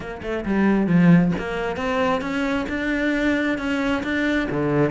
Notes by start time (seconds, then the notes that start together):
0.00 A#3
0.22 A3
0.45 G3
0.86 F3
1.38 A#3
1.76 C4
2.21 C#4
2.68 D4
3.58 C#4
4.03 D4
4.50 D3